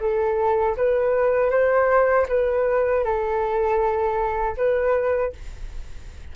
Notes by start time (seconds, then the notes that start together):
0.00 A4
0.77 B4
1.51 C5
2.28 B4
3.04 A4
4.57 B4